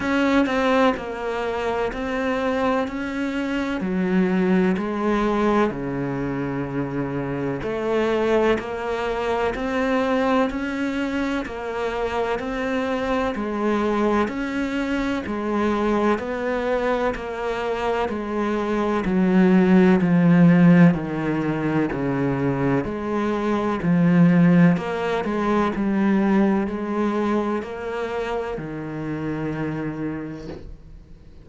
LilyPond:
\new Staff \with { instrumentName = "cello" } { \time 4/4 \tempo 4 = 63 cis'8 c'8 ais4 c'4 cis'4 | fis4 gis4 cis2 | a4 ais4 c'4 cis'4 | ais4 c'4 gis4 cis'4 |
gis4 b4 ais4 gis4 | fis4 f4 dis4 cis4 | gis4 f4 ais8 gis8 g4 | gis4 ais4 dis2 | }